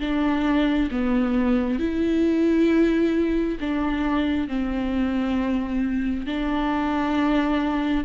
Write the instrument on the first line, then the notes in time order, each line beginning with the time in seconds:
viola
0.00 D4
0.91 B3
1.80 E4
3.60 D4
4.48 C4
6.26 D4